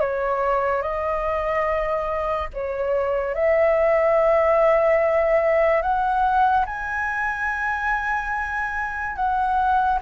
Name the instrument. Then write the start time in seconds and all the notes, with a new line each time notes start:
flute
0.00 C#5
0.82 D#5
2.53 C#5
3.34 E5
5.81 F#5
6.66 G#5
9.16 F#5